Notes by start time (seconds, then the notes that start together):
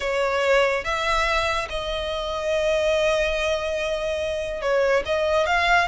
0.00 C#5
0.84 E5
1.69 D#5
4.61 C#5
5.05 D#5
5.46 F5